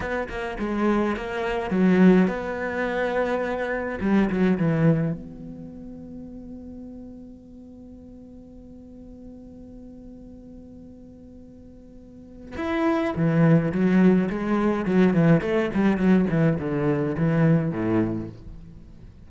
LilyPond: \new Staff \with { instrumentName = "cello" } { \time 4/4 \tempo 4 = 105 b8 ais8 gis4 ais4 fis4 | b2. g8 fis8 | e4 b2.~ | b1~ |
b1~ | b2 e'4 e4 | fis4 gis4 fis8 e8 a8 g8 | fis8 e8 d4 e4 a,4 | }